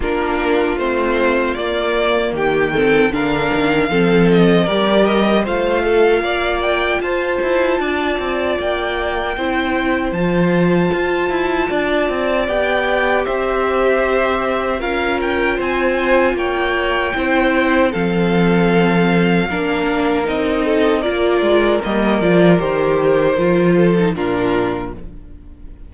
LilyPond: <<
  \new Staff \with { instrumentName = "violin" } { \time 4/4 \tempo 4 = 77 ais'4 c''4 d''4 g''4 | f''4. dis''8 d''8 dis''8 f''4~ | f''8 g''8 a''2 g''4~ | g''4 a''2. |
g''4 e''2 f''8 g''8 | gis''4 g''2 f''4~ | f''2 dis''4 d''4 | dis''8 d''8 c''2 ais'4 | }
  \new Staff \with { instrumentName = "violin" } { \time 4/4 f'2. g'8 a'8 | ais'4 a'4 ais'4 c''8 a'8 | d''4 c''4 d''2 | c''2. d''4~ |
d''4 c''2 ais'4 | c''4 cis''4 c''4 a'4~ | a'4 ais'4. a'8 ais'4~ | ais'2~ ais'8 a'8 f'4 | }
  \new Staff \with { instrumentName = "viola" } { \time 4/4 d'4 c'4 ais4. c'8 | d'4 c'4 g'4 f'4~ | f'1 | e'4 f'2. |
g'2. f'4~ | f'2 e'4 c'4~ | c'4 d'4 dis'4 f'4 | ais8 f'8 g'4 f'8. dis'16 d'4 | }
  \new Staff \with { instrumentName = "cello" } { \time 4/4 ais4 a4 ais4 dis4 | d8 dis8 f4 g4 a4 | ais4 f'8 e'8 d'8 c'8 ais4 | c'4 f4 f'8 e'8 d'8 c'8 |
b4 c'2 cis'4 | c'4 ais4 c'4 f4~ | f4 ais4 c'4 ais8 gis8 | g8 f8 dis4 f4 ais,4 | }
>>